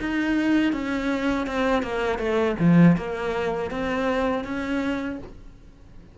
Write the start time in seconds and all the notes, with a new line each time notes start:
0.00 D#4
0.73 C#4
1.47 C4
1.83 A#3
2.19 A3
2.60 F3
2.97 A#3
3.71 C4
4.45 C#4